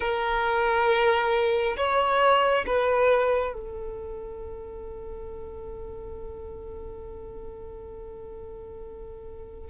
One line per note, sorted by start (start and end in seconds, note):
0.00 1.76 A#4
1.76 2.65 C#5
2.66 3.53 B4
3.53 9.70 A4